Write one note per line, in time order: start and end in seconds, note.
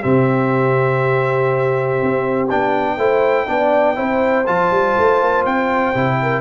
0.00 2.02 C3
0.00 2.49 C4
0.00 2.95 G4
0.00 2.49 E5
2.03 2.52 C4
2.50 2.98 B3
2.50 2.99 D4
2.50 4.47 G5
2.97 3.47 A3
2.97 3.47 E4
2.97 3.46 C5
3.47 3.98 B3
3.47 3.96 D4
3.47 3.97 D5
3.96 4.48 C4
3.96 4.45 E4
3.96 6.18 C5
4.47 4.71 F3
4.47 5.94 F4
4.47 5.45 A5
4.71 4.96 G3
4.99 5.22 A3
5.22 5.45 A#3
5.45 5.95 C4
5.45 6.41 G5
5.95 6.41 C3
5.95 6.41 E4
6.22 6.41 A#4